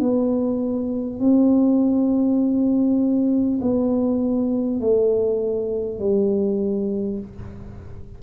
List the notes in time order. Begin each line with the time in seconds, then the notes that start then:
0.00 B3
1.19 C4
3.62 B3
4.81 A3
5.99 G3